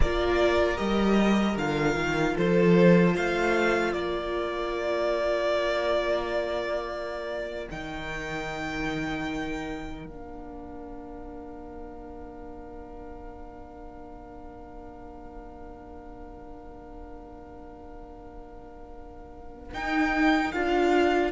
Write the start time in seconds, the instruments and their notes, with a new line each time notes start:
0.00 cello A#3, viola F4, violin A#4 D5
0.77 cello G3, viola G4, violin D#5
1.55 cello D3, viola F4, violin F5
1.95 cello D#3
2.35 cello F3, violin A4 C5
3.15 cello A3, violin C5 F5
3.92 cello A#3, violin A#4 D5
7.70 cello D#3, viola D#4, violin G5
10.05 cello A#3, viola D4, violin F5
19.73 cello D#4, viola D#4, violin G5
20.52 cello D4, viola F4, violin F5